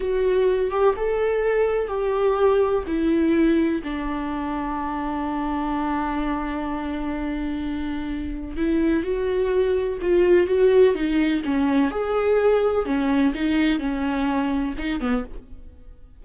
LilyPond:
\new Staff \with { instrumentName = "viola" } { \time 4/4 \tempo 4 = 126 fis'4. g'8 a'2 | g'2 e'2 | d'1~ | d'1~ |
d'2 e'4 fis'4~ | fis'4 f'4 fis'4 dis'4 | cis'4 gis'2 cis'4 | dis'4 cis'2 dis'8 b8 | }